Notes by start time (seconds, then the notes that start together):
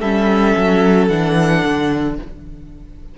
0.00 G3 C#4 A4 E5
0.57 F#3
1.08 E3 D4 F#5
1.65 D3